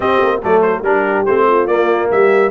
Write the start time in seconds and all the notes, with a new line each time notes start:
0.00 C4 G4 D#5
0.22 A#3
0.42 F#3 A3 A4 D5
0.61 C5
0.81 G3 D4 G4 A#4
1.25 A3 C4 C5
1.47 F4
1.67 A#3 D5
2.10 G3 G4 E5